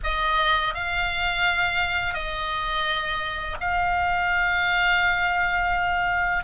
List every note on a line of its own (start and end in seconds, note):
0.03 0.74 D#5
0.74 2.14 F5
2.14 3.56 D#5
3.60 6.44 F5